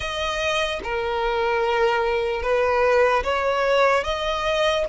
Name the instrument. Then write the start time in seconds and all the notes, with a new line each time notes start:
violin
0.00 D#5
0.83 A#4
2.42 B4
3.23 C#5
4.04 D#5